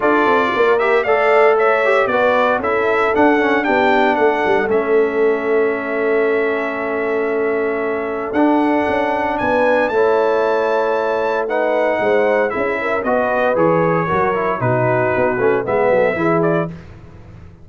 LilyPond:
<<
  \new Staff \with { instrumentName = "trumpet" } { \time 4/4 \tempo 4 = 115 d''4. e''8 f''4 e''4 | d''4 e''4 fis''4 g''4 | fis''4 e''2.~ | e''1 |
fis''2 gis''4 a''4~ | a''2 fis''2 | e''4 dis''4 cis''2 | b'2 e''4. d''8 | }
  \new Staff \with { instrumentName = "horn" } { \time 4/4 a'4 ais'4 d''4 cis''4 | b'4 a'2 g'4 | a'1~ | a'1~ |
a'2 b'4 cis''4~ | cis''2 b'4 c''4 | gis'8 ais'8 b'2 ais'4 | fis'2 b'8 a'8 gis'4 | }
  \new Staff \with { instrumentName = "trombone" } { \time 4/4 f'4. g'8 a'4. g'8 | fis'4 e'4 d'8 cis'8 d'4~ | d'4 cis'2.~ | cis'1 |
d'2. e'4~ | e'2 dis'2 | e'4 fis'4 gis'4 fis'8 e'8 | dis'4. cis'8 b4 e'4 | }
  \new Staff \with { instrumentName = "tuba" } { \time 4/4 d'8 c'8 ais4 a2 | b4 cis'4 d'4 b4 | a8 g8 a2.~ | a1 |
d'4 cis'4 b4 a4~ | a2. gis4 | cis'4 b4 e4 fis4 | b,4 b8 a8 gis8 fis8 e4 | }
>>